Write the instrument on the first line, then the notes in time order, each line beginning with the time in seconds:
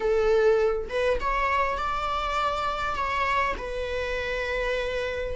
viola
0.00 A4
0.89 B4
1.20 C#5
1.77 D5
2.95 C#5
3.57 B4